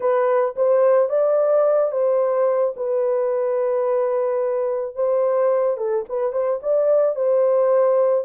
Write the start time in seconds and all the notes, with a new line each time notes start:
0.00 B4
0.56 C5
1.09 D5
1.91 C5
2.76 B4
4.95 C5
5.77 A4
6.08 B4
6.32 C5
6.62 D5
7.15 C5